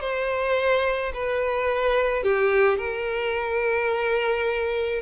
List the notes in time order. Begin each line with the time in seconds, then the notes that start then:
0.00 C5
1.13 B4
2.23 G4
2.77 A#4